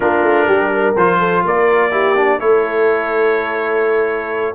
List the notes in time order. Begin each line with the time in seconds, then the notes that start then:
0.00 A#3 D4 F4 A#4
0.23 A3
0.47 G3 G4
0.73 A#4
0.96 F3 F4 C5
1.18 A4
1.44 A#3 A#4 D5
1.91 E4 G4
2.16 D4
2.39 A3 E4 A4 C#5